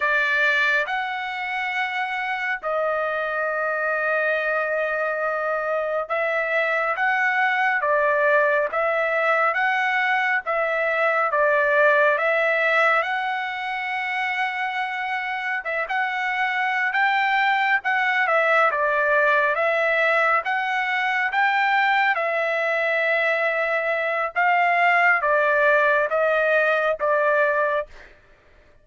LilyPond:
\new Staff \with { instrumentName = "trumpet" } { \time 4/4 \tempo 4 = 69 d''4 fis''2 dis''4~ | dis''2. e''4 | fis''4 d''4 e''4 fis''4 | e''4 d''4 e''4 fis''4~ |
fis''2 e''16 fis''4~ fis''16 g''8~ | g''8 fis''8 e''8 d''4 e''4 fis''8~ | fis''8 g''4 e''2~ e''8 | f''4 d''4 dis''4 d''4 | }